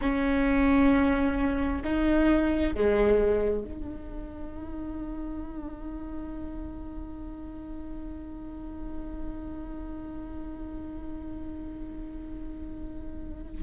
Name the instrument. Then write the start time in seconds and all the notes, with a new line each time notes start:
viola
0.01 C#4
1.83 D#4
2.74 G#3
3.64 D#4